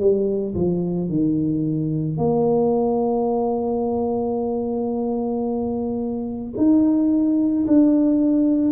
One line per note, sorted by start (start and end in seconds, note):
0.00 0.55 G3
0.55 1.09 F3
1.09 2.17 D#3
2.17 6.54 A#3
6.57 7.66 D#4
7.67 8.72 D4